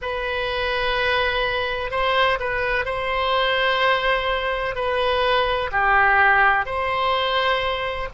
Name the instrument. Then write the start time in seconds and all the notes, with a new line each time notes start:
oboe
0.01 B4
1.90 C5
2.39 B4
2.85 C5
4.74 B4
5.71 G4
6.65 C5